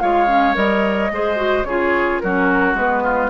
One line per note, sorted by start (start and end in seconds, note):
0.00 0.56 G#3
0.00 0.27 F4
0.00 1.12 C#5
0.00 0.55 F5
0.27 0.54 C#4
0.55 1.11 G3
0.55 1.10 A#4
0.55 1.64 D#5
1.11 1.64 G#3
1.11 1.36 G#4
1.11 1.67 C5
1.36 1.64 F#4
1.64 2.19 C#3
1.64 2.24 F4
1.64 2.22 G#4
1.64 2.19 C#5
2.20 2.74 F#3
2.20 2.77 C#4
2.20 3.03 F#4
2.20 2.75 A#4
2.74 3.29 G#3
2.74 3.30 B3
2.74 3.30 B4
3.03 3.30 F4